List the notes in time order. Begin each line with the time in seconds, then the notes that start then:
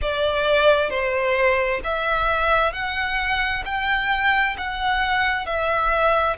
0.01 D5
0.90 C5
1.83 E5
2.72 F#5
3.65 G5
4.57 F#5
5.45 E5